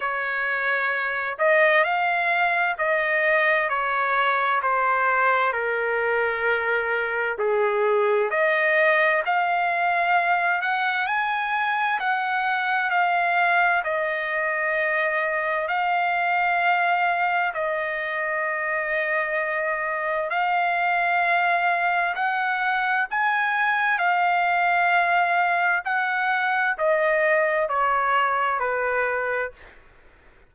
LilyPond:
\new Staff \with { instrumentName = "trumpet" } { \time 4/4 \tempo 4 = 65 cis''4. dis''8 f''4 dis''4 | cis''4 c''4 ais'2 | gis'4 dis''4 f''4. fis''8 | gis''4 fis''4 f''4 dis''4~ |
dis''4 f''2 dis''4~ | dis''2 f''2 | fis''4 gis''4 f''2 | fis''4 dis''4 cis''4 b'4 | }